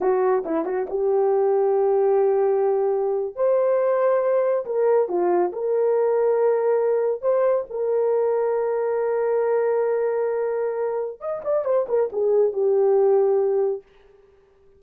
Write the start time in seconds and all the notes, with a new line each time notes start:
0.00 F#4
0.45 E4
0.65 F#4
0.89 G4
3.35 C5
4.65 A#4
5.08 F4
5.52 A#4
7.21 C5
7.70 A#4
11.20 D#5
11.44 D5
11.64 C5
11.88 A#4
12.12 G#4
12.52 G4